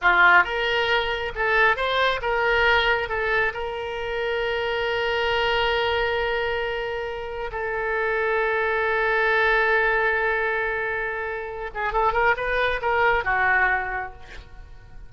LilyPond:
\new Staff \with { instrumentName = "oboe" } { \time 4/4 \tempo 4 = 136 f'4 ais'2 a'4 | c''4 ais'2 a'4 | ais'1~ | ais'1~ |
ais'4 a'2.~ | a'1~ | a'2~ a'8 gis'8 a'8 ais'8 | b'4 ais'4 fis'2 | }